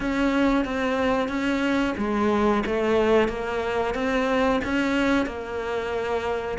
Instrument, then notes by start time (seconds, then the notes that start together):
cello
0.00 C#4
0.64 C4
1.28 C#4
1.97 G#3
2.66 A3
3.28 A#3
3.94 C4
4.64 C#4
5.26 A#3